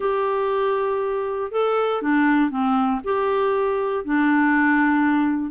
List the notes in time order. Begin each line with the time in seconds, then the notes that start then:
0.00 G4
1.51 A4
2.02 D4
2.50 C4
3.04 G4
4.04 D4